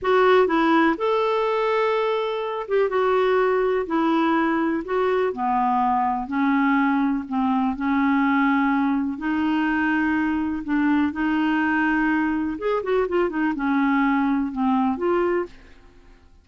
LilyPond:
\new Staff \with { instrumentName = "clarinet" } { \time 4/4 \tempo 4 = 124 fis'4 e'4 a'2~ | a'4. g'8 fis'2 | e'2 fis'4 b4~ | b4 cis'2 c'4 |
cis'2. dis'4~ | dis'2 d'4 dis'4~ | dis'2 gis'8 fis'8 f'8 dis'8 | cis'2 c'4 f'4 | }